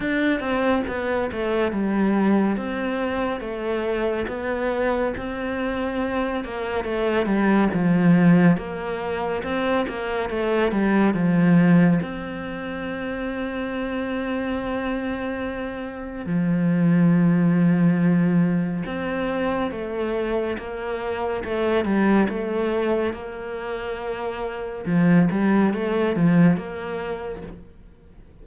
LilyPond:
\new Staff \with { instrumentName = "cello" } { \time 4/4 \tempo 4 = 70 d'8 c'8 b8 a8 g4 c'4 | a4 b4 c'4. ais8 | a8 g8 f4 ais4 c'8 ais8 | a8 g8 f4 c'2~ |
c'2. f4~ | f2 c'4 a4 | ais4 a8 g8 a4 ais4~ | ais4 f8 g8 a8 f8 ais4 | }